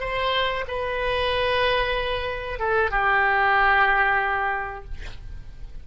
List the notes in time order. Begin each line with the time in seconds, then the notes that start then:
0.00 C5
0.67 B4
2.59 A4
2.91 G4